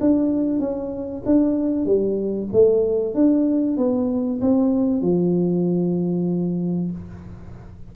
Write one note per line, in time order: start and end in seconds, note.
0.00 0.59 D4
0.59 1.23 C#4
1.25 1.85 D4
1.85 2.48 G3
2.52 3.14 A3
3.14 3.77 D4
3.77 4.40 B3
4.41 5.01 C4
5.01 6.91 F3